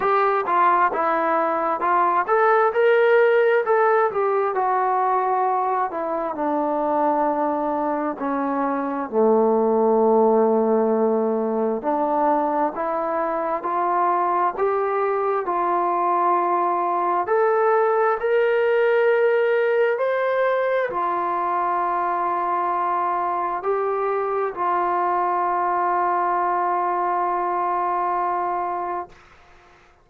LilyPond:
\new Staff \with { instrumentName = "trombone" } { \time 4/4 \tempo 4 = 66 g'8 f'8 e'4 f'8 a'8 ais'4 | a'8 g'8 fis'4. e'8 d'4~ | d'4 cis'4 a2~ | a4 d'4 e'4 f'4 |
g'4 f'2 a'4 | ais'2 c''4 f'4~ | f'2 g'4 f'4~ | f'1 | }